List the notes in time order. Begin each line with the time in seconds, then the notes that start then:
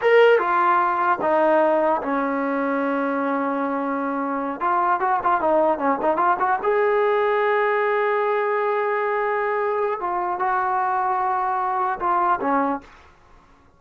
0.01 A#4
0.38 F4
1.21 D#4
2.02 C#4
4.60 F4
5.00 F#4
5.23 F4
5.41 D#4
5.78 C#4
6.01 D#4
6.17 F4
6.39 F#4
6.63 G#4
10.00 F4
10.39 F#4
11.99 F4
12.41 C#4